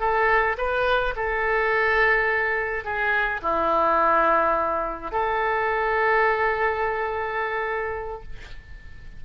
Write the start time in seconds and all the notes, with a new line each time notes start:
0.00 A4
0.58 B4
1.16 A4
2.85 G#4
3.42 E4
5.12 A4